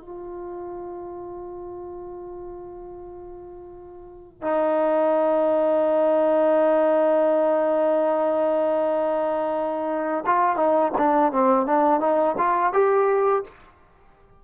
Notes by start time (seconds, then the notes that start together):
0.00 F4
4.41 D#4
10.26 F4
10.56 D#4
10.97 D4
11.32 C4
11.66 D4
12.00 D#4
12.38 F4
12.73 G4